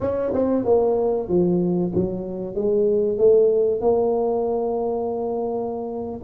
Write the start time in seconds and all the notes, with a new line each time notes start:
0.01 C#4
0.33 C4
0.64 A#3
1.28 F3
1.94 F#3
2.55 G#3
3.17 A3
3.81 A#3